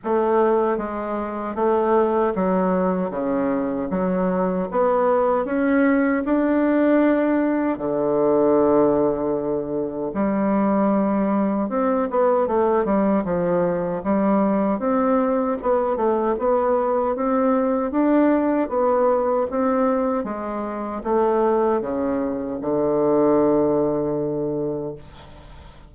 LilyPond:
\new Staff \with { instrumentName = "bassoon" } { \time 4/4 \tempo 4 = 77 a4 gis4 a4 fis4 | cis4 fis4 b4 cis'4 | d'2 d2~ | d4 g2 c'8 b8 |
a8 g8 f4 g4 c'4 | b8 a8 b4 c'4 d'4 | b4 c'4 gis4 a4 | cis4 d2. | }